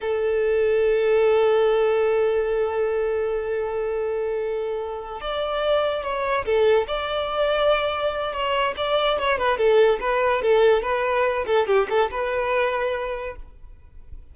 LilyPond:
\new Staff \with { instrumentName = "violin" } { \time 4/4 \tempo 4 = 144 a'1~ | a'1~ | a'1~ | a'8 d''2 cis''4 a'8~ |
a'8 d''2.~ d''8 | cis''4 d''4 cis''8 b'8 a'4 | b'4 a'4 b'4. a'8 | g'8 a'8 b'2. | }